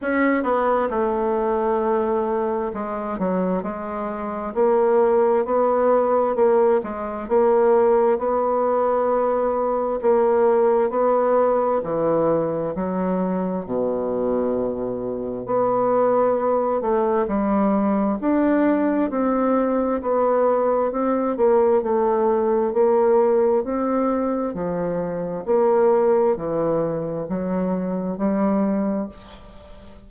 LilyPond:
\new Staff \with { instrumentName = "bassoon" } { \time 4/4 \tempo 4 = 66 cis'8 b8 a2 gis8 fis8 | gis4 ais4 b4 ais8 gis8 | ais4 b2 ais4 | b4 e4 fis4 b,4~ |
b,4 b4. a8 g4 | d'4 c'4 b4 c'8 ais8 | a4 ais4 c'4 f4 | ais4 e4 fis4 g4 | }